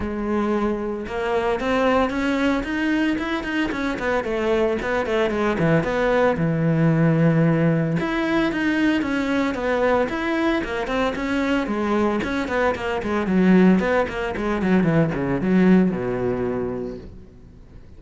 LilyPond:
\new Staff \with { instrumentName = "cello" } { \time 4/4 \tempo 4 = 113 gis2 ais4 c'4 | cis'4 dis'4 e'8 dis'8 cis'8 b8 | a4 b8 a8 gis8 e8 b4 | e2. e'4 |
dis'4 cis'4 b4 e'4 | ais8 c'8 cis'4 gis4 cis'8 b8 | ais8 gis8 fis4 b8 ais8 gis8 fis8 | e8 cis8 fis4 b,2 | }